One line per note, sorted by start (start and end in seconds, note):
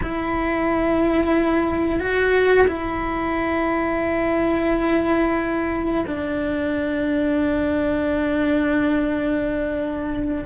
0.02 1.99 E4
1.99 2.66 F#4
2.67 6.04 E4
6.06 10.45 D4